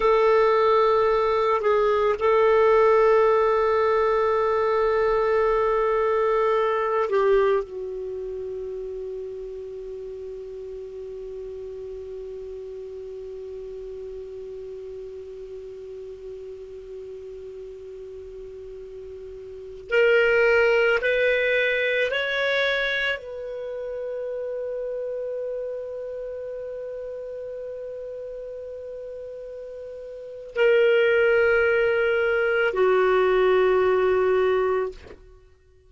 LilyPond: \new Staff \with { instrumentName = "clarinet" } { \time 4/4 \tempo 4 = 55 a'4. gis'8 a'2~ | a'2~ a'8 g'8 fis'4~ | fis'1~ | fis'1~ |
fis'2~ fis'16 ais'4 b'8.~ | b'16 cis''4 b'2~ b'8.~ | b'1 | ais'2 fis'2 | }